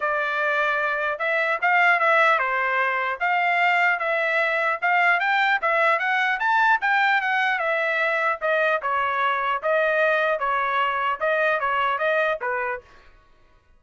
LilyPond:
\new Staff \with { instrumentName = "trumpet" } { \time 4/4 \tempo 4 = 150 d''2. e''4 | f''4 e''4 c''2 | f''2 e''2 | f''4 g''4 e''4 fis''4 |
a''4 g''4 fis''4 e''4~ | e''4 dis''4 cis''2 | dis''2 cis''2 | dis''4 cis''4 dis''4 b'4 | }